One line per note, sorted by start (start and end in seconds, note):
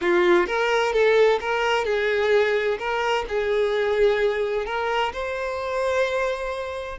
0.01 0.47 F4
0.47 0.92 A#4
0.92 1.39 A4
1.40 1.85 A#4
1.85 2.78 G#4
2.78 3.25 A#4
3.28 4.65 G#4
4.65 5.12 A#4
5.12 6.98 C5